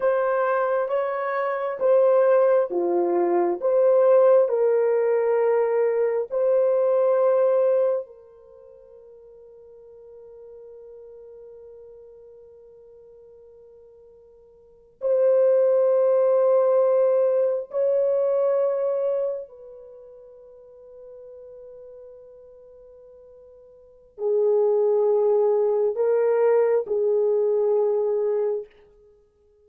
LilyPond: \new Staff \with { instrumentName = "horn" } { \time 4/4 \tempo 4 = 67 c''4 cis''4 c''4 f'4 | c''4 ais'2 c''4~ | c''4 ais'2.~ | ais'1~ |
ais'8. c''2. cis''16~ | cis''4.~ cis''16 b'2~ b'16~ | b'2. gis'4~ | gis'4 ais'4 gis'2 | }